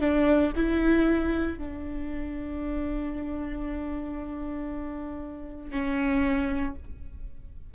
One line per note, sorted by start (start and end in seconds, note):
0.00 0.52 D4
0.55 1.58 E4
1.58 5.70 D4
5.70 6.74 C#4